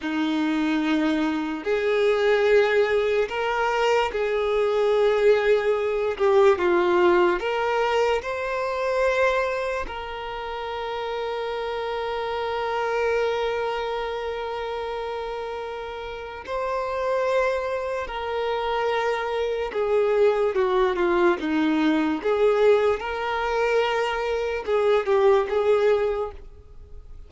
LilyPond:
\new Staff \with { instrumentName = "violin" } { \time 4/4 \tempo 4 = 73 dis'2 gis'2 | ais'4 gis'2~ gis'8 g'8 | f'4 ais'4 c''2 | ais'1~ |
ais'1 | c''2 ais'2 | gis'4 fis'8 f'8 dis'4 gis'4 | ais'2 gis'8 g'8 gis'4 | }